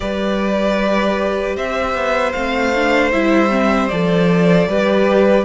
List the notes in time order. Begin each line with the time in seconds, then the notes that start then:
0.00 G3 G4 B4 D5
1.56 C4 C5 E5
1.94 B3
2.32 A3 C4 F5
2.75 D4
3.12 G3 E4 E5
3.50 C4
3.88 F3 A4 D5
4.67 G3 G4 B4